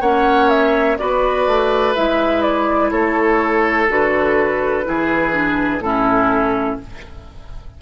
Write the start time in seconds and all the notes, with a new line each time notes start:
0.00 A#3 C#4 C#5 F#5
0.49 E5
0.98 B3 F#4 B4 D5
1.46 A3
1.95 G#3 E4 E5
2.42 D5
2.91 A3 A4 C#5
3.89 D3 F#4 B4
4.84 E3 E4 G#4
5.32 D4
5.79 A2 C#4 E4 A4